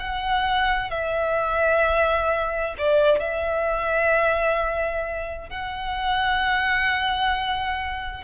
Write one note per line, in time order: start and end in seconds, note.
0.00 0.91 F#5
0.91 2.75 E5
2.78 3.20 D5
3.20 5.50 E5
5.50 8.24 F#5